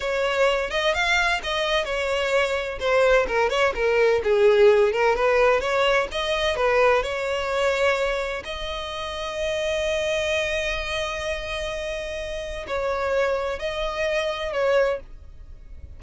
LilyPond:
\new Staff \with { instrumentName = "violin" } { \time 4/4 \tempo 4 = 128 cis''4. dis''8 f''4 dis''4 | cis''2 c''4 ais'8 cis''8 | ais'4 gis'4. ais'8 b'4 | cis''4 dis''4 b'4 cis''4~ |
cis''2 dis''2~ | dis''1~ | dis''2. cis''4~ | cis''4 dis''2 cis''4 | }